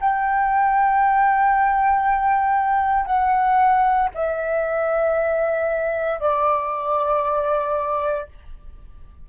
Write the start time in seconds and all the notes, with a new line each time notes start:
0.00 G5
3.06 F#5
4.14 E5
6.20 D5